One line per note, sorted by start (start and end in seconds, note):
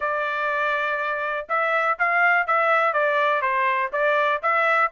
0.00 1.46 D5
1.48 1.98 E5
1.99 2.46 F5
2.46 2.93 E5
2.93 3.41 D5
3.41 3.90 C5
3.92 4.41 D5
4.42 4.91 E5